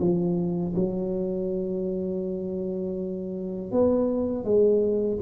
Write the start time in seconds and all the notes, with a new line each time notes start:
0.00 F3
0.75 F#3
3.71 B3
4.44 G#3